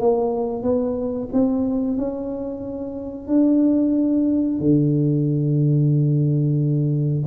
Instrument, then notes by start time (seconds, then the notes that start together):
tuba
0.00 A#3
0.63 B3
1.33 C4
1.98 C#4
3.28 D4
4.60 D3